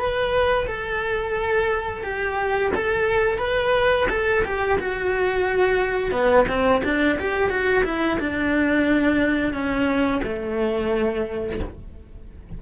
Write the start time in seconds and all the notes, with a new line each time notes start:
0.00 B4
0.68 A4
2.04 G4
2.75 A4
3.39 B4
4.10 A4
4.45 G4
4.79 F#4
6.12 B3
6.49 C4
6.85 D4
7.20 G4
7.50 F#4
7.85 E4
8.20 D4
9.54 C#4
10.24 A3